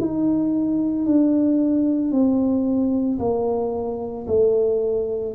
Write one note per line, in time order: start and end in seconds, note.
0.00 1.05 D#4
1.05 2.11 D4
2.11 3.19 C4
3.19 4.26 A#3
4.27 5.34 A3